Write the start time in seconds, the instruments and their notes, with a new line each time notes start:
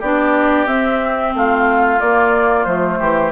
0.00 bassoon B3, clarinet D4, oboe G4, flute D5
0.67 clarinet C4, bassoon C4, flute E5
1.34 bassoon A3, oboe F4, flute F5
2.00 bassoon A#3, clarinet A#3, flute D5
2.64 bassoon F3, clarinet A3, flute C5
2.99 bassoon E3, oboe G4